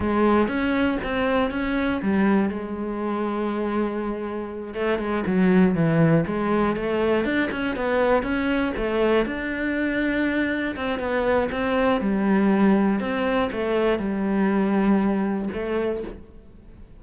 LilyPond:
\new Staff \with { instrumentName = "cello" } { \time 4/4 \tempo 4 = 120 gis4 cis'4 c'4 cis'4 | g4 gis2.~ | gis4. a8 gis8 fis4 e8~ | e8 gis4 a4 d'8 cis'8 b8~ |
b8 cis'4 a4 d'4.~ | d'4. c'8 b4 c'4 | g2 c'4 a4 | g2. a4 | }